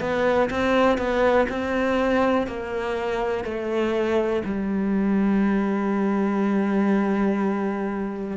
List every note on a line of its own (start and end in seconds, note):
0.00 0.49 B3
0.50 0.97 C4
0.97 1.47 B3
1.48 2.47 C4
2.47 3.44 A#3
3.44 4.43 A3
4.44 8.37 G3